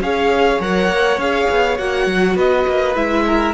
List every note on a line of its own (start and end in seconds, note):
0.00 0.59 C#4
0.00 0.60 G#4
0.00 2.36 C#5
0.00 0.61 F5
0.60 0.87 F#3
0.60 1.19 A#4
0.60 1.20 F#5
0.87 1.17 A#3
1.17 1.46 C#4
1.17 1.77 G#4
1.17 1.77 F5
1.50 1.79 B3
1.77 2.06 A#3
1.77 2.95 F#4
1.77 2.36 F#5
2.06 2.35 F#3
2.35 2.65 B3
2.35 3.24 B4
2.35 2.95 D#5
2.67 2.95 A#3
2.95 3.54 G#3
2.95 3.54 E4
2.95 3.54 E5
3.26 3.54 A#4